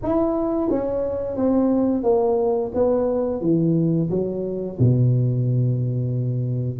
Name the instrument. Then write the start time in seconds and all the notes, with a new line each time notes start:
tuba
0.02 E4
0.70 C#4
1.36 C4
2.03 A#3
2.74 B3
3.41 E3
4.10 F#3
4.79 B2